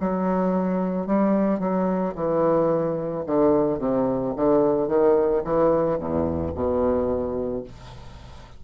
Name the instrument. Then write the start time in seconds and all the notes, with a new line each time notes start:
bassoon
0.00 F#3
1.07 G3
1.59 F#3
2.15 E3
3.26 D3
3.78 C3
4.36 D3
4.87 D#3
5.44 E3
5.98 E2
6.55 B2